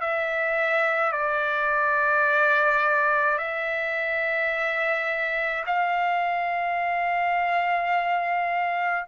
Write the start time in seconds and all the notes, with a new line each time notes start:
0.00 E5
1.12 D5
3.38 E5
5.66 F5